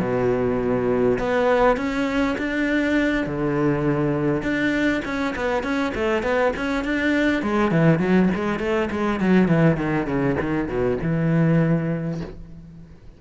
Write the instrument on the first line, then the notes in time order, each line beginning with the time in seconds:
cello
0.00 B2
1.19 B3
1.77 C#4
2.38 D4
3.27 D3
4.43 D4
5.05 C#4
5.36 B3
5.64 C#4
5.95 A3
6.23 B3
6.57 C#4
6.85 D4
7.43 G#3
7.72 E3
8.00 F#3
8.35 G#3
8.60 A3
8.91 G#3
9.20 F#3
9.48 E3
9.77 D#3
10.07 C#3
10.41 D#3
10.69 B2
11.03 E3